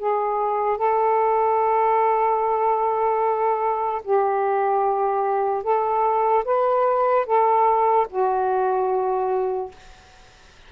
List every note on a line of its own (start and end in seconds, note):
0.00 0.78 G#4
0.78 4.02 A4
4.04 5.64 G4
5.64 6.45 A4
6.45 7.26 B4
7.26 8.07 A4
8.10 9.72 F#4